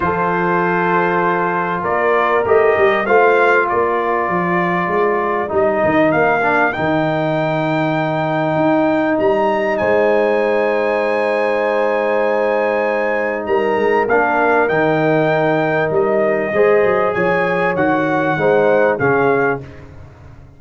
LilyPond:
<<
  \new Staff \with { instrumentName = "trumpet" } { \time 4/4 \tempo 4 = 98 c''2. d''4 | dis''4 f''4 d''2~ | d''4 dis''4 f''4 g''4~ | g''2. ais''4 |
gis''1~ | gis''2 ais''4 f''4 | g''2 dis''2 | gis''4 fis''2 f''4 | }
  \new Staff \with { instrumentName = "horn" } { \time 4/4 a'2. ais'4~ | ais'4 c''4 ais'2~ | ais'1~ | ais'1 |
c''1~ | c''2 ais'2~ | ais'2. c''4 | cis''2 c''4 gis'4 | }
  \new Staff \with { instrumentName = "trombone" } { \time 4/4 f'1 | g'4 f'2.~ | f'4 dis'4. d'8 dis'4~ | dis'1~ |
dis'1~ | dis'2. d'4 | dis'2. gis'4~ | gis'4 fis'4 dis'4 cis'4 | }
  \new Staff \with { instrumentName = "tuba" } { \time 4/4 f2. ais4 | a8 g8 a4 ais4 f4 | gis4 g8 dis8 ais4 dis4~ | dis2 dis'4 g4 |
gis1~ | gis2 g8 gis8 ais4 | dis2 g4 gis8 fis8 | f4 dis4 gis4 cis4 | }
>>